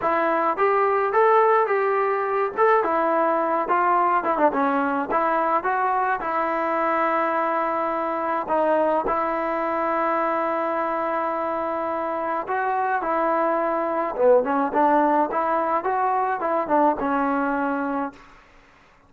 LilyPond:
\new Staff \with { instrumentName = "trombone" } { \time 4/4 \tempo 4 = 106 e'4 g'4 a'4 g'4~ | g'8 a'8 e'4. f'4 e'16 d'16 | cis'4 e'4 fis'4 e'4~ | e'2. dis'4 |
e'1~ | e'2 fis'4 e'4~ | e'4 b8 cis'8 d'4 e'4 | fis'4 e'8 d'8 cis'2 | }